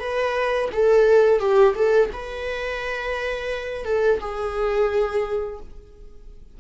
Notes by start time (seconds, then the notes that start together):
0.00 B4
0.73 A4
1.40 G4
1.76 A4
2.13 B4
3.85 A4
4.21 G#4